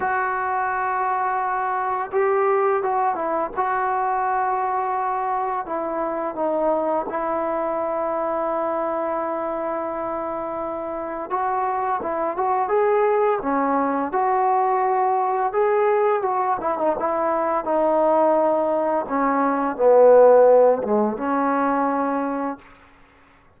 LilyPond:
\new Staff \with { instrumentName = "trombone" } { \time 4/4 \tempo 4 = 85 fis'2. g'4 | fis'8 e'8 fis'2. | e'4 dis'4 e'2~ | e'1 |
fis'4 e'8 fis'8 gis'4 cis'4 | fis'2 gis'4 fis'8 e'16 dis'16 | e'4 dis'2 cis'4 | b4. gis8 cis'2 | }